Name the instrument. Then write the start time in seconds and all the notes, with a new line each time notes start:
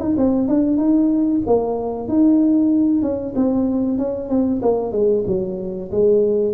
tuba
0.00 D#4
0.17 C4
0.48 D4
0.77 D#4
1.47 A#3
2.08 D#4
3.02 C#4
3.36 C4
3.98 C#4
4.30 C4
4.62 A#3
4.92 G#3
5.27 F#3
5.92 G#3